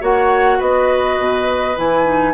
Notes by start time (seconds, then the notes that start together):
0.00 A#3 F#4 C#5 F#5
0.58 B3 B4 D#5
1.18 B2
1.76 E3 E4 G#5
2.04 D#4